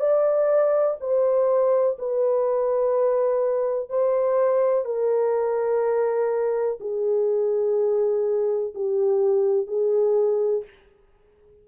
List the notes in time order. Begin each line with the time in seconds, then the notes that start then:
0.00 D5
1.01 C5
1.99 B4
3.90 C5
4.86 A#4
6.81 G#4
8.75 G4
9.67 G#4